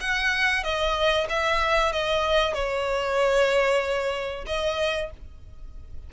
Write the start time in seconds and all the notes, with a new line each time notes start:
0.00 F#5
0.63 D#5
1.29 E5
1.92 D#5
2.54 C#5
4.46 D#5